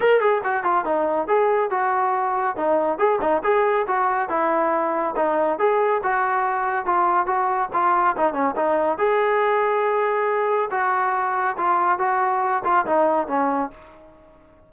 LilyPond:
\new Staff \with { instrumentName = "trombone" } { \time 4/4 \tempo 4 = 140 ais'8 gis'8 fis'8 f'8 dis'4 gis'4 | fis'2 dis'4 gis'8 dis'8 | gis'4 fis'4 e'2 | dis'4 gis'4 fis'2 |
f'4 fis'4 f'4 dis'8 cis'8 | dis'4 gis'2.~ | gis'4 fis'2 f'4 | fis'4. f'8 dis'4 cis'4 | }